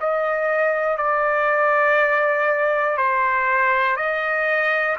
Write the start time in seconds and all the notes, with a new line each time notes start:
0.00 D#5
0.98 D5
2.98 C5
3.97 D#5